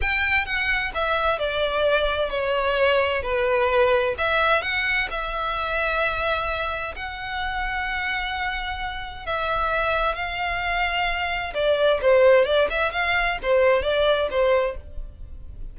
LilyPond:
\new Staff \with { instrumentName = "violin" } { \time 4/4 \tempo 4 = 130 g''4 fis''4 e''4 d''4~ | d''4 cis''2 b'4~ | b'4 e''4 fis''4 e''4~ | e''2. fis''4~ |
fis''1 | e''2 f''2~ | f''4 d''4 c''4 d''8 e''8 | f''4 c''4 d''4 c''4 | }